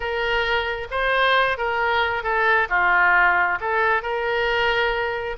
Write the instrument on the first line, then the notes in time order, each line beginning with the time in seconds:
oboe
0.00 A#4
0.90 C5
1.57 A#4
2.23 A4
2.69 F4
3.60 A4
4.02 A#4